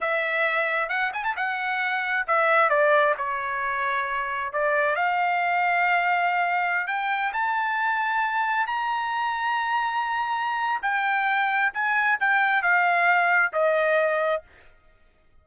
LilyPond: \new Staff \with { instrumentName = "trumpet" } { \time 4/4 \tempo 4 = 133 e''2 fis''8 gis''16 a''16 fis''4~ | fis''4 e''4 d''4 cis''4~ | cis''2 d''4 f''4~ | f''2.~ f''16 g''8.~ |
g''16 a''2. ais''8.~ | ais''1 | g''2 gis''4 g''4 | f''2 dis''2 | }